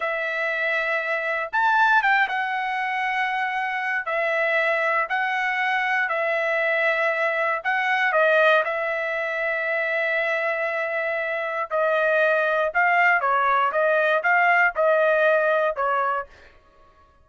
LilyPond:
\new Staff \with { instrumentName = "trumpet" } { \time 4/4 \tempo 4 = 118 e''2. a''4 | g''8 fis''2.~ fis''8 | e''2 fis''2 | e''2. fis''4 |
dis''4 e''2.~ | e''2. dis''4~ | dis''4 f''4 cis''4 dis''4 | f''4 dis''2 cis''4 | }